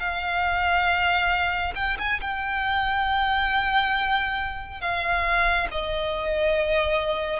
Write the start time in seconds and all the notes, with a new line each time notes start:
0.00 F5
1.75 G5
1.99 G#5
2.21 G5
4.81 F5
5.72 D#5